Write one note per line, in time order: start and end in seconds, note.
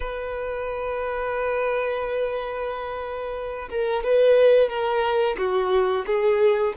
0.00 3.69 B4
3.70 4.03 A#4
4.03 4.69 B4
4.69 5.36 A#4
5.37 6.05 F#4
6.06 6.73 G#4